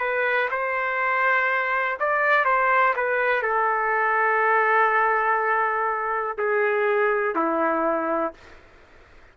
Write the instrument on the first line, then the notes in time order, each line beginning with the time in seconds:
trumpet
0.00 B4
0.51 C5
1.99 D5
2.45 C5
2.96 B4
3.42 A4
6.38 G#4
7.35 E4